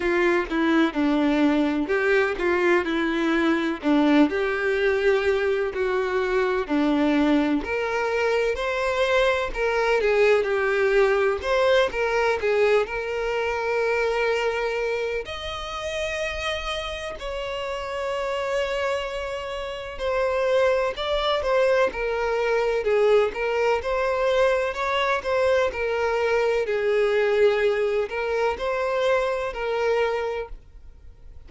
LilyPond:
\new Staff \with { instrumentName = "violin" } { \time 4/4 \tempo 4 = 63 f'8 e'8 d'4 g'8 f'8 e'4 | d'8 g'4. fis'4 d'4 | ais'4 c''4 ais'8 gis'8 g'4 | c''8 ais'8 gis'8 ais'2~ ais'8 |
dis''2 cis''2~ | cis''4 c''4 d''8 c''8 ais'4 | gis'8 ais'8 c''4 cis''8 c''8 ais'4 | gis'4. ais'8 c''4 ais'4 | }